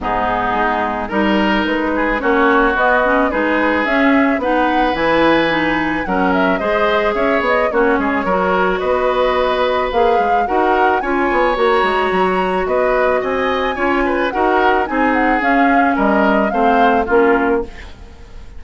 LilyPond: <<
  \new Staff \with { instrumentName = "flute" } { \time 4/4 \tempo 4 = 109 gis'2 ais'4 b'4 | cis''4 dis''4 b'4 e''4 | fis''4 gis''2 fis''8 e''8 | dis''4 e''8 dis''8 cis''2 |
dis''2 f''4 fis''4 | gis''4 ais''2 dis''4 | gis''2 fis''4 gis''8 fis''8 | f''4 dis''4 f''4 ais'4 | }
  \new Staff \with { instrumentName = "oboe" } { \time 4/4 dis'2 ais'4. gis'8 | fis'2 gis'2 | b'2. ais'4 | c''4 cis''4 fis'8 gis'8 ais'4 |
b'2. ais'4 | cis''2. b'4 | dis''4 cis''8 b'8 ais'4 gis'4~ | gis'4 ais'4 c''4 f'4 | }
  \new Staff \with { instrumentName = "clarinet" } { \time 4/4 b2 dis'2 | cis'4 b8 cis'8 dis'4 cis'4 | dis'4 e'4 dis'4 cis'4 | gis'2 cis'4 fis'4~ |
fis'2 gis'4 fis'4 | f'4 fis'2.~ | fis'4 f'4 fis'4 dis'4 | cis'2 c'4 cis'4 | }
  \new Staff \with { instrumentName = "bassoon" } { \time 4/4 gis,4 gis4 g4 gis4 | ais4 b4 gis4 cis'4 | b4 e2 fis4 | gis4 cis'8 b8 ais8 gis8 fis4 |
b2 ais8 gis8 dis'4 | cis'8 b8 ais8 gis8 fis4 b4 | c'4 cis'4 dis'4 c'4 | cis'4 g4 a4 ais4 | }
>>